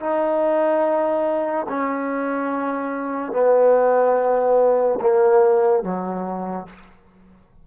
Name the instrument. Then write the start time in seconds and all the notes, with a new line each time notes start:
trombone
0.00 D#4
1.69 C#4
3.33 B3
5.01 A#3
5.83 F#3